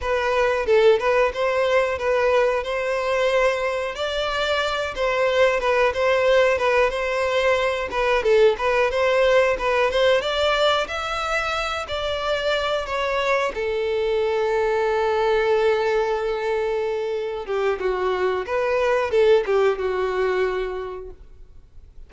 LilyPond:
\new Staff \with { instrumentName = "violin" } { \time 4/4 \tempo 4 = 91 b'4 a'8 b'8 c''4 b'4 | c''2 d''4. c''8~ | c''8 b'8 c''4 b'8 c''4. | b'8 a'8 b'8 c''4 b'8 c''8 d''8~ |
d''8 e''4. d''4. cis''8~ | cis''8 a'2.~ a'8~ | a'2~ a'8 g'8 fis'4 | b'4 a'8 g'8 fis'2 | }